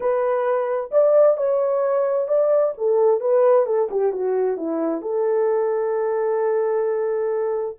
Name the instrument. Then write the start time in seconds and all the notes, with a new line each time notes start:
horn
0.00 B4
0.91 D5
1.37 C#5
2.28 D5
2.77 A4
3.20 B4
3.66 A4
3.90 G4
4.12 F#4
4.57 E4
5.01 A4